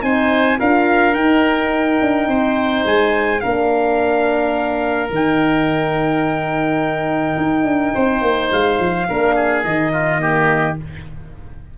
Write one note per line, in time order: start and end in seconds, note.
0.00 0.59 C4
0.00 0.57 D#4
0.00 0.59 C5
0.00 0.59 G#5
0.58 1.15 D4
0.58 1.14 F4
0.58 2.28 A#4
0.58 1.14 F5
1.14 3.41 D#4
1.14 2.00 D#4
1.14 2.84 G5
2.01 2.27 D4
2.27 2.84 C4
2.27 3.42 C5
2.85 3.42 G#3
2.85 3.40 G#5
3.40 5.10 A#3
3.40 5.12 D4
3.40 7.94 A#4
3.40 5.10 F5
5.10 7.36 D#3
5.10 9.09 D#4
5.10 8.52 G5
7.37 7.64 D#4
7.64 7.92 D4
7.94 8.22 C4
7.94 9.07 C5
8.22 8.50 A#3
8.52 8.79 G#3
8.52 9.64 F5
8.79 9.08 F3
9.09 9.65 A#3
9.09 9.65 D4
9.09 9.35 A#4
9.35 9.92 G#4
9.64 10.78 D#3
9.64 10.20 D#4
9.64 10.77 D#5
9.93 10.21 F4
10.20 10.76 A#3
10.20 10.78 G4